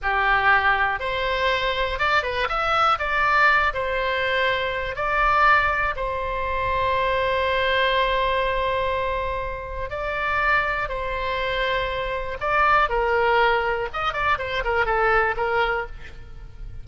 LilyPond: \new Staff \with { instrumentName = "oboe" } { \time 4/4 \tempo 4 = 121 g'2 c''2 | d''8 b'8 e''4 d''4. c''8~ | c''2 d''2 | c''1~ |
c''1 | d''2 c''2~ | c''4 d''4 ais'2 | dis''8 d''8 c''8 ais'8 a'4 ais'4 | }